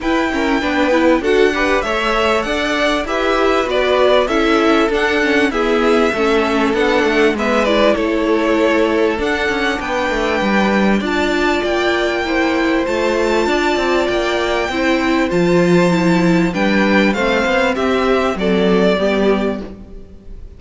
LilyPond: <<
  \new Staff \with { instrumentName = "violin" } { \time 4/4 \tempo 4 = 98 g''2 fis''4 e''4 | fis''4 e''4 d''4 e''4 | fis''4 e''2 fis''4 | e''8 d''8 cis''2 fis''4 |
g''2 a''4 g''4~ | g''4 a''2 g''4~ | g''4 a''2 g''4 | f''4 e''4 d''2 | }
  \new Staff \with { instrumentName = "violin" } { \time 4/4 b'8 ais'8 b'4 a'8 b'8 cis''4 | d''4 b'2 a'4~ | a'4 gis'4 a'2 | b'4 a'2. |
b'2 d''2 | c''2 d''2 | c''2. b'4 | c''4 g'4 a'4 g'4 | }
  \new Staff \with { instrumentName = "viola" } { \time 4/4 e'8 cis'8 d'8 e'8 fis'8 g'8 a'4~ | a'4 g'4 fis'4 e'4 | d'8 cis'8 b4 cis'4 d'4 | b8 e'2~ e'8 d'4~ |
d'2 f'2 | e'4 f'2. | e'4 f'4 e'4 d'4 | c'2. b4 | }
  \new Staff \with { instrumentName = "cello" } { \time 4/4 e'4 b4 d'4 a4 | d'4 e'4 b4 cis'4 | d'4 e'4 a4 b8 a8 | gis4 a2 d'8 cis'8 |
b8 a8 g4 d'4 ais4~ | ais4 a4 d'8 c'8 ais4 | c'4 f2 g4 | a8 b8 c'4 fis4 g4 | }
>>